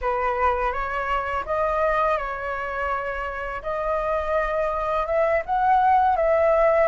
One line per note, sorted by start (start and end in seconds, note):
0.01 0.72 B4
0.72 1.44 C#5
1.45 2.17 D#5
2.17 3.62 C#5
3.62 5.06 D#5
5.06 5.42 E5
5.45 6.16 F#5
6.16 6.87 E5